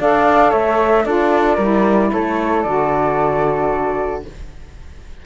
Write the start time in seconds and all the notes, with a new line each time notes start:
0.00 D4 A4 D5 F5
0.51 A3 C#5 E5
1.05 D4 F4 A4 D5
1.56 G3 E4 A#4
2.12 A3 A4 C#5
2.63 D3 F#4 D5